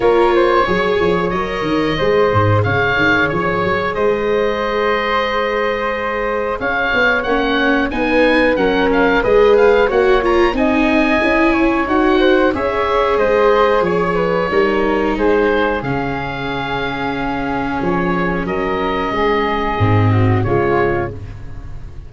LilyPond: <<
  \new Staff \with { instrumentName = "oboe" } { \time 4/4 \tempo 4 = 91 cis''2 dis''2 | f''4 cis''4 dis''2~ | dis''2 f''4 fis''4 | gis''4 fis''8 f''8 dis''8 f''8 fis''8 ais''8 |
gis''2 fis''4 e''4 | dis''4 cis''2 c''4 | f''2. cis''4 | dis''2. cis''4 | }
  \new Staff \with { instrumentName = "flute" } { \time 4/4 ais'8 c''8 cis''2 c''4 | cis''2 c''2~ | c''2 cis''2 | b'4 ais'4 b'4 cis''4 |
dis''4. cis''4 c''8 cis''4 | c''4 cis''8 b'8 ais'4 gis'4~ | gis'1 | ais'4 gis'4. fis'8 f'4 | }
  \new Staff \with { instrumentName = "viola" } { \time 4/4 f'4 gis'4 ais'4 gis'4~ | gis'1~ | gis'2. cis'4 | dis'4 cis'4 gis'4 fis'8 f'8 |
dis'4 e'4 fis'4 gis'4~ | gis'2 dis'2 | cis'1~ | cis'2 c'4 gis4 | }
  \new Staff \with { instrumentName = "tuba" } { \time 4/4 ais4 fis8 f8 fis8 dis8 gis8 gis,8 | cis8 dis8 f8 fis8 gis2~ | gis2 cis'8 b8 ais4 | b4 fis4 gis4 ais4 |
c'4 cis'4 dis'4 cis'4 | gis4 f4 g4 gis4 | cis2. f4 | fis4 gis4 gis,4 cis4 | }
>>